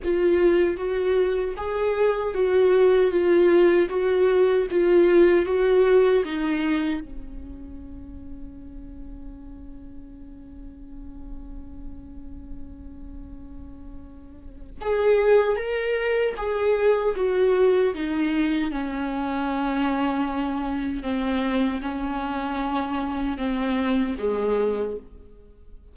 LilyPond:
\new Staff \with { instrumentName = "viola" } { \time 4/4 \tempo 4 = 77 f'4 fis'4 gis'4 fis'4 | f'4 fis'4 f'4 fis'4 | dis'4 cis'2.~ | cis'1~ |
cis'2. gis'4 | ais'4 gis'4 fis'4 dis'4 | cis'2. c'4 | cis'2 c'4 gis4 | }